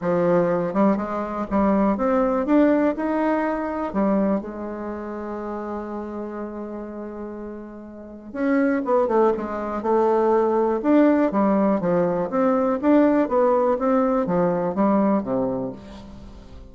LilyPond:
\new Staff \with { instrumentName = "bassoon" } { \time 4/4 \tempo 4 = 122 f4. g8 gis4 g4 | c'4 d'4 dis'2 | g4 gis2.~ | gis1~ |
gis4 cis'4 b8 a8 gis4 | a2 d'4 g4 | f4 c'4 d'4 b4 | c'4 f4 g4 c4 | }